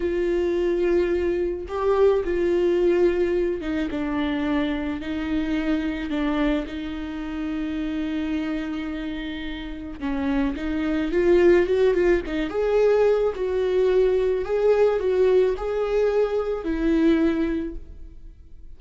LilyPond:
\new Staff \with { instrumentName = "viola" } { \time 4/4 \tempo 4 = 108 f'2. g'4 | f'2~ f'8 dis'8 d'4~ | d'4 dis'2 d'4 | dis'1~ |
dis'2 cis'4 dis'4 | f'4 fis'8 f'8 dis'8 gis'4. | fis'2 gis'4 fis'4 | gis'2 e'2 | }